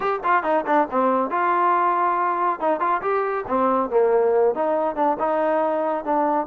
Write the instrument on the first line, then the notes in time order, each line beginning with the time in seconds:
trombone
0.00 G4
0.23 F4
0.43 D#4
0.66 D4
0.90 C4
1.30 F4
2.60 D#4
2.79 F4
3.01 G4
3.47 C4
3.90 A#3
4.54 D#4
4.95 D4
5.19 D#4
6.04 D4